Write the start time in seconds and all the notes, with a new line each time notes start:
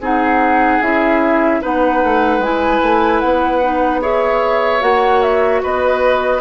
0.00 C4 D#4 G#4 F#5
0.81 C#4 E4 E5
1.62 B3 D#4 B4 F#5
2.04 A3
2.39 G#3 E4 G#5
2.83 A3
3.20 B3 F#5
3.63 D#4
4.02 G#4 C#5 E5
4.80 A#3 F#4 F#5
5.22 E5
5.63 B3 B4 D#5